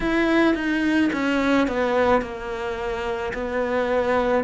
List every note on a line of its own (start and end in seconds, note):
0.00 0.55 E4
0.55 1.10 D#4
1.13 1.67 C#4
1.67 2.21 B3
2.21 3.32 A#3
3.33 4.44 B3